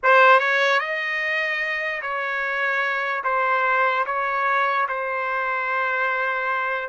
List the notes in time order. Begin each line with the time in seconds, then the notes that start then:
0.03 C5
0.39 C#5
0.79 D#5
2.01 C#5
3.24 C5
4.06 C#5
4.88 C5